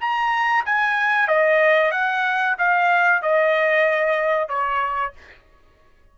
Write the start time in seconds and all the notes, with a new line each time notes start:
0.00 A#5
0.65 G#5
1.28 D#5
1.91 F#5
2.58 F5
3.22 D#5
4.48 C#5